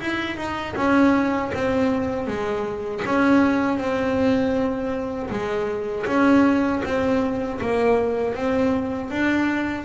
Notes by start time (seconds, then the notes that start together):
0.00 E4
0.37 D#4
0.76 C#4
1.54 C4
2.27 G#3
3.05 C#4
3.78 C4
5.30 G#3
6.06 C#4
6.84 C4
7.61 A#3
8.34 C4
9.10 D4